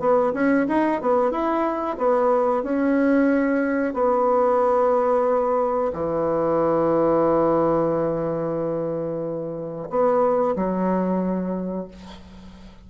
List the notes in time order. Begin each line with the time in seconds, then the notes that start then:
0.00 B3
0.34 C#4
0.69 D#4
1.02 B3
1.32 E4
1.98 B3
2.63 C#4
3.94 B3
5.93 E3
9.90 B3
10.56 F#3